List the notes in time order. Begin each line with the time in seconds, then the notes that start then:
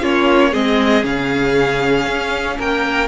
0.00 A#3 C#4 F4 C#5
0.50 G#3 C4 G#4 D#5
1.02 C#3 C#4 F5
2.06 C#4
2.58 A#3 A#4 G5